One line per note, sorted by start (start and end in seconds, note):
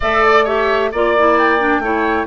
0.00 0.92 A3
0.00 0.46 A4
0.00 0.44 D5
0.00 0.24 E5
0.24 0.46 D5
0.44 0.91 G4
0.44 0.89 C#5
0.44 0.92 E5
0.91 1.78 A#3
0.91 1.17 F4
0.91 1.82 D5
0.91 1.37 D5
1.17 1.59 E4
1.37 2.27 G5
1.59 1.82 D4
1.78 2.24 A3
1.78 2.27 E4
1.78 2.27 C#5